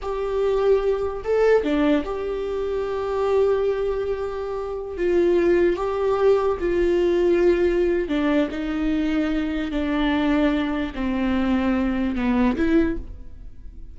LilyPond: \new Staff \with { instrumentName = "viola" } { \time 4/4 \tempo 4 = 148 g'2. a'4 | d'4 g'2.~ | g'1~ | g'16 f'2 g'4.~ g'16~ |
g'16 f'2.~ f'8. | d'4 dis'2. | d'2. c'4~ | c'2 b4 e'4 | }